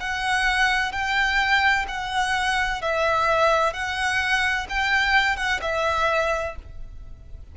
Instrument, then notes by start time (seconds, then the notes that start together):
violin
0.00 F#5
0.92 G5
1.87 F#5
2.82 E5
3.73 F#5
4.69 G5
5.37 F#5
5.62 E5